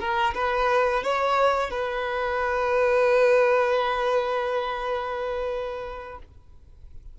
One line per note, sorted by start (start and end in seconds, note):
0.00 0.34 A#4
0.35 1.04 B4
1.04 1.71 C#5
1.71 6.19 B4